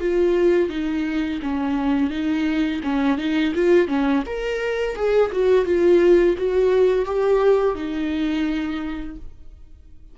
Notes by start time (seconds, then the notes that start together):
0.00 F4
0.69 D#4
1.42 C#4
2.10 D#4
2.83 C#4
3.18 D#4
3.55 F4
3.88 C#4
4.26 A#4
4.96 G#4
5.32 F#4
5.65 F4
6.37 F#4
7.05 G4
7.75 D#4